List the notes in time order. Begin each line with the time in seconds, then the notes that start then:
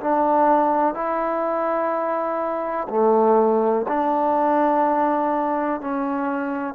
0.00 D4
0.94 E4
2.89 A3
3.88 D4
5.80 C#4